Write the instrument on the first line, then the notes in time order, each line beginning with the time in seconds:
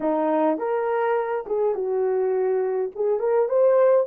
horn
0.00 D#4
0.58 A#4
1.46 G#4
1.74 F#4
2.95 G#4
3.19 A#4
3.48 C5